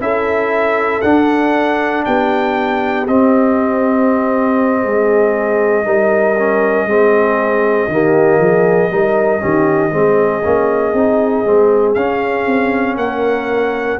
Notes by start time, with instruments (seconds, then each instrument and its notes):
0.00 tuba C#4, trombone E4, horn A4, trumpet E5
1.01 tuba D4, trombone D4, trumpet F#5
2.05 tuba B3, horn G4, trumpet G5
3.07 tuba C4, trombone C4, trumpet D#5
4.82 tuba G#3, horn G#4
5.85 tuba G3, trombone D#4, horn A#4
6.38 trombone C#4
6.85 tuba G#3, trombone C4, horn G#4
7.88 tuba D#3, trombone A#3, horn G4
8.38 tuba F3, horn G#4
8.91 tuba G3, trombone D#4, horn A#4
9.39 tuba D#3, trombone C#4, horn G4
9.91 tuba G#3, trombone C4, horn G#4
10.44 tuba A#3, trombone C#4
10.93 tuba C4, trombone D#4
11.45 tuba G#3, trombone C4
11.94 tuba C#4, trombone C#4, trumpet F5
12.47 tuba C4
12.96 tuba A#3, horn A#4, trumpet F#5